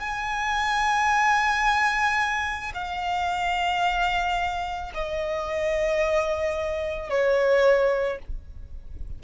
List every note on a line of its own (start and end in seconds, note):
0.00 2.73 G#5
2.75 4.93 F5
4.95 7.10 D#5
7.10 8.19 C#5